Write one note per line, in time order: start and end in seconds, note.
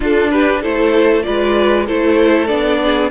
0.00 0.62 D4
0.00 0.64 D4
0.00 0.30 F4
0.00 0.31 A4
0.31 0.61 G4
0.31 0.62 B4
0.61 1.26 A3
0.61 1.23 E4
0.61 1.24 A4
0.61 1.22 C5
1.22 1.88 G#3
1.22 1.85 F4
1.22 1.86 B4
1.22 1.85 D5
1.86 2.50 A3
1.86 2.48 E4
1.86 2.80 A4
1.86 2.46 C5
2.46 3.10 B3
2.46 3.10 D4
2.46 3.09 D5
2.84 3.10 G#4